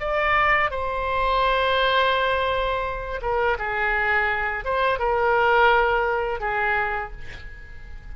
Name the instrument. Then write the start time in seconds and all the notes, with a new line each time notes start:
oboe
0.00 D5
0.71 C5
3.22 A#4
3.59 G#4
4.65 C5
4.99 A#4
6.40 G#4